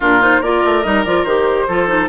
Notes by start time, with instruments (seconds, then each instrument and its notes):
0.00 bassoon A#2, clarinet D4, oboe F4, flute A#4
0.20 clarinet D#4, flute C5
0.40 bassoon A#3, clarinet F4, oboe A#4, flute D5
0.65 bassoon A3
0.83 bassoon G3, clarinet D#4, flute D#5
1.04 bassoon F3, clarinet F4, flute D5
1.23 bassoon D#3, clarinet G4, flute C5
1.67 bassoon F3, clarinet F4, oboe A4
1.87 clarinet D#4